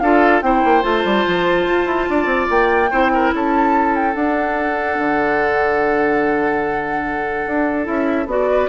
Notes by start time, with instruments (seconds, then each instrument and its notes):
0.00 bassoon D4, clarinet F4, oboe A4, flute F5
0.42 bassoon C4, clarinet E4, oboe C5, flute G5
0.65 bassoon A#3
0.83 bassoon A3, clarinet F4, flute A5
1.05 bassoon G3
1.27 bassoon F3
1.66 bassoon F4
1.86 bassoon E4
2.10 bassoon D4, oboe D5
2.26 bassoon C4
2.50 bassoon A#3, flute G5
2.91 bassoon C4, clarinet E4, oboe C5
3.14 oboe A#4
3.33 bassoon C#4, oboe A4, flute A5
3.96 flute G5
4.14 clarinet D4, bassoon D4, flute F#5
4.99 bassoon D3
7.47 bassoon D4
7.85 bassoon C#4, clarinet E4, flute E5
8.26 bassoon B3, clarinet F#4, flute D5
8.51 oboe B4